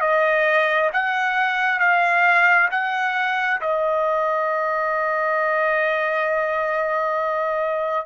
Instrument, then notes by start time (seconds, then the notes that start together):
trumpet
0.00 D#5
0.93 F#5
1.79 F5
2.71 F#5
3.61 D#5